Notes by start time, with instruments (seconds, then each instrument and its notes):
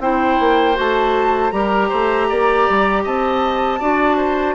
0.00 bassoon C4, clarinet E4, oboe C5, flute G5
0.40 bassoon A#3
0.75 bassoon A3, clarinet F#4, flute A5
1.51 bassoon G3, clarinet G4, oboe A#4, flute A#5
1.89 bassoon A3, oboe C5
2.29 bassoon A#3, oboe D5
2.69 bassoon G3
3.04 bassoon C4, oboe D#5, flute A5
3.80 bassoon D4, clarinet F#4, oboe D5
4.16 oboe C5